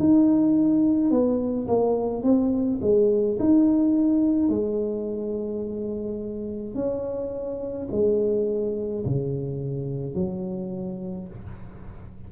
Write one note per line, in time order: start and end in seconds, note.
0.00 1.11 D#4
1.11 1.68 B3
1.68 2.23 A#3
2.23 2.80 C4
2.82 3.39 G#3
3.40 4.50 D#4
4.50 6.75 G#3
6.75 7.88 C#4
7.92 9.05 G#3
9.06 10.15 C#3
10.15 11.28 F#3